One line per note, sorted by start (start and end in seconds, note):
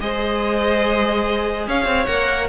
0.00 1.67 G#3
0.00 2.08 G#4
0.00 1.68 C5
0.00 1.67 D#5
1.67 1.85 C#4
1.67 2.49 C#5
1.67 2.06 F5
1.85 2.06 C4
2.06 2.49 A#3
2.06 2.49 A#4
2.06 2.48 F#5